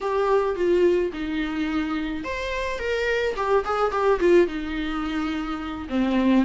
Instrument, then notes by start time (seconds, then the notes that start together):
viola
0.01 G4
0.55 F4
1.12 D#4
2.24 C5
2.79 A#4
3.36 G4
3.64 G#4
3.91 G4
4.20 F4
4.47 D#4
5.89 C4